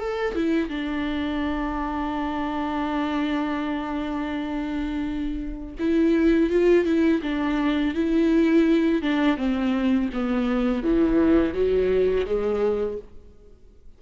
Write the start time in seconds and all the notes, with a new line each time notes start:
0.00 A4
0.35 E4
0.69 D4
5.79 E4
6.50 F4
6.85 E4
7.22 D4
7.95 E4
9.02 D4
9.37 C4
10.13 B3
10.83 E3
11.54 F#3
12.26 G#3